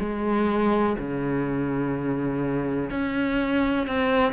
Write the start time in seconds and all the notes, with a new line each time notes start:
0.00 G#3
0.99 C#3
2.91 C#4
3.88 C4